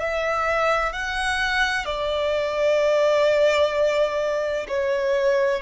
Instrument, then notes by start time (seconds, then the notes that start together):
violin
0.00 E5
0.92 F#5
1.85 D5
4.68 C#5